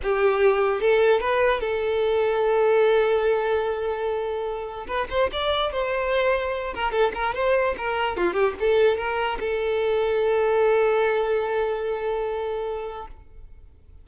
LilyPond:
\new Staff \with { instrumentName = "violin" } { \time 4/4 \tempo 4 = 147 g'2 a'4 b'4 | a'1~ | a'1 | b'8 c''8 d''4 c''2~ |
c''8 ais'8 a'8 ais'8 c''4 ais'4 | f'8 g'8 a'4 ais'4 a'4~ | a'1~ | a'1 | }